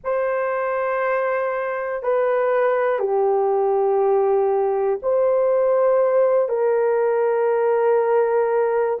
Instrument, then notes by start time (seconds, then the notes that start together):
horn
0.04 C5
2.02 B4
2.99 G4
5.02 C5
6.49 A#4